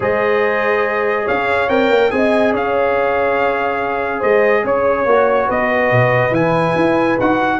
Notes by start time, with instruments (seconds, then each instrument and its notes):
0.00 tuba G#3, trombone G#4, horn C5, trumpet D#5
1.24 tuba C#4, horn C#5, trumpet F5
1.68 tuba C4, trombone A#4, trumpet G5
1.90 tuba A#3
2.10 tuba C4, trombone G#4, horn D#5, trumpet G#5
2.53 tuba C#4, horn C#5, trumpet F5
4.19 tuba G#3, horn C5, trumpet D#5
4.64 tuba C#4, horn C#5, trumpet C#5
5.05 tuba A#3, trombone F#4
5.46 tuba B3, horn B4, trumpet D#5
5.91 tuba B2
6.31 tuba E3, trombone E4, trumpet G#5
6.75 tuba E4
7.20 tuba D#4, trombone F#4, trumpet F#5